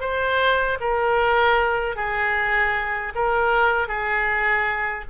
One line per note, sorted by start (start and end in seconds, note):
0.00 0.78 C5
0.80 1.96 A#4
1.96 3.13 G#4
3.15 3.87 A#4
3.87 5.04 G#4